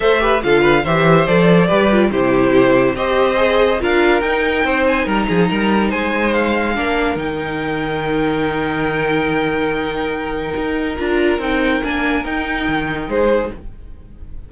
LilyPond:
<<
  \new Staff \with { instrumentName = "violin" } { \time 4/4 \tempo 4 = 142 e''4 f''4 e''4 d''4~ | d''4 c''2 dis''4~ | dis''4 f''4 g''4. gis''8 | ais''2 gis''4 f''4~ |
f''4 g''2.~ | g''1~ | g''2 ais''4 g''4 | gis''4 g''2 c''4 | }
  \new Staff \with { instrumentName = "violin" } { \time 4/4 c''8 b'8 a'8 b'8 c''2 | b'4 g'2 c''4~ | c''4 ais'2 c''4 | ais'8 gis'8 ais'4 c''2 |
ais'1~ | ais'1~ | ais'1~ | ais'2. gis'4 | }
  \new Staff \with { instrumentName = "viola" } { \time 4/4 a'8 g'8 f'4 g'4 a'4 | g'8 f'8 e'2 g'4 | gis'4 f'4 dis'2~ | dis'1 |
d'4 dis'2.~ | dis'1~ | dis'2 f'4 dis'4 | d'4 dis'2. | }
  \new Staff \with { instrumentName = "cello" } { \time 4/4 a4 d4 e4 f4 | g4 c2 c'4~ | c'4 d'4 dis'4 c'4 | g8 f8 g4 gis2 |
ais4 dis2.~ | dis1~ | dis4 dis'4 d'4 c'4 | ais4 dis'4 dis4 gis4 | }
>>